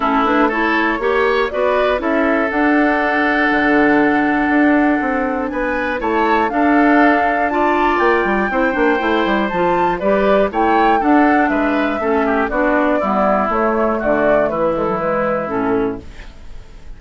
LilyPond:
<<
  \new Staff \with { instrumentName = "flute" } { \time 4/4 \tempo 4 = 120 a'8 b'8 cis''2 d''4 | e''4 fis''2.~ | fis''2. gis''4 | a''4 f''2 a''4 |
g''2. a''4 | d''4 g''4 fis''4 e''4~ | e''4 d''2 cis''4 | d''4 b'8 a'8 b'4 a'4 | }
  \new Staff \with { instrumentName = "oboe" } { \time 4/4 e'4 a'4 cis''4 b'4 | a'1~ | a'2. b'4 | cis''4 a'2 d''4~ |
d''4 c''2. | b'4 cis''4 a'4 b'4 | a'8 g'8 fis'4 e'2 | fis'4 e'2. | }
  \new Staff \with { instrumentName = "clarinet" } { \time 4/4 cis'8 d'8 e'4 g'4 fis'4 | e'4 d'2.~ | d'1 | e'4 d'2 f'4~ |
f'4 e'8 d'8 e'4 f'4 | g'4 e'4 d'2 | cis'4 d'4 b4 a4~ | a4. gis16 fis16 gis4 cis'4 | }
  \new Staff \with { instrumentName = "bassoon" } { \time 4/4 a2 ais4 b4 | cis'4 d'2 d4~ | d4 d'4 c'4 b4 | a4 d'2. |
ais8 g8 c'8 ais8 a8 g8 f4 | g4 a4 d'4 gis4 | a4 b4 g4 a4 | d4 e2 a,4 | }
>>